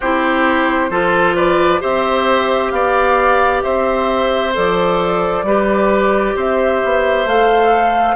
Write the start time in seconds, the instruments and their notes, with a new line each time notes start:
0.00 bassoon C4, clarinet E4, oboe G4, flute C5
0.90 bassoon F3, clarinet F4, oboe A4
1.35 oboe B4, flute D5
1.79 bassoon C4, clarinet G4, oboe C5, flute E5
2.70 bassoon B3, oboe D5, flute F5
3.62 bassoon C4, oboe C5, flute E5
4.53 bassoon F3, clarinet A4, flute D5
5.43 bassoon G3, clarinet G4, oboe B4
6.35 bassoon C4, oboe C5, flute E5
6.84 bassoon B3
7.25 bassoon A3, clarinet A4, flute F5